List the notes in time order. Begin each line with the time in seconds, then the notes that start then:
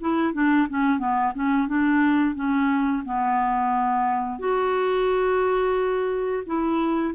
0.00 E4
0.33 D4
0.69 C#4
0.99 B3
1.35 C#4
1.68 D4
2.35 C#4
3.05 B3
4.39 F#4
6.46 E4